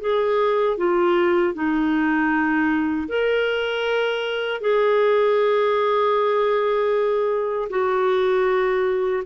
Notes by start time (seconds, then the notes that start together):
0.00 G#4
0.77 F4
1.54 D#4
3.08 A#4
4.60 G#4
7.69 F#4